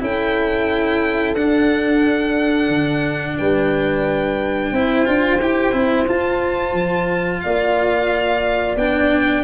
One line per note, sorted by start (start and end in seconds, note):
0.00 1.35 C#4
0.00 1.35 E4
0.00 3.37 A4
0.00 1.34 G5
1.34 2.68 D4
1.34 4.75 D4
1.34 3.37 F#5
2.68 3.36 D3
3.37 4.72 G3
3.37 4.72 B4
3.37 6.07 G5
4.72 5.05 C4
4.72 5.05 E4
4.72 7.42 C5
5.05 5.40 D4
5.05 5.39 F4
5.40 5.72 E4
5.40 5.72 G4
5.72 6.06 C4
5.72 6.06 E4
6.07 8.77 F4
6.07 6.73 F4
6.07 7.40 A5
6.73 7.40 F3
7.40 8.76 A#3
7.40 9.44 D5
7.40 8.75 F5
8.76 9.43 B3
8.76 9.44 D4
8.76 9.44 G5